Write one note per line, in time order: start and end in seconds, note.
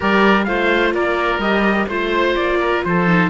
0.00 0.47 G3
0.00 0.44 G4
0.00 0.45 A#4
0.00 0.44 D5
0.44 0.93 A3
0.44 1.41 F4
0.44 0.94 C5
0.44 0.91 F5
0.93 1.38 A#3
0.93 1.88 A#4
0.93 1.41 D5
1.38 1.85 G3
1.38 1.88 G4
1.38 1.88 D#5
1.88 2.35 A3
1.88 3.07 F4
1.88 2.59 C5
1.88 2.35 C5
2.35 2.83 A#3
2.35 2.83 D5
2.60 2.83 A#4
2.84 3.30 F3
2.84 3.30 A4
2.84 3.30 C5
3.07 3.30 D#4